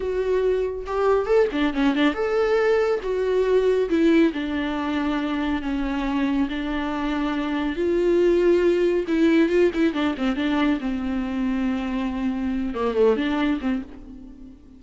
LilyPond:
\new Staff \with { instrumentName = "viola" } { \time 4/4 \tempo 4 = 139 fis'2 g'4 a'8 d'8 | cis'8 d'8 a'2 fis'4~ | fis'4 e'4 d'2~ | d'4 cis'2 d'4~ |
d'2 f'2~ | f'4 e'4 f'8 e'8 d'8 c'8 | d'4 c'2.~ | c'4. ais8 a8 d'4 c'8 | }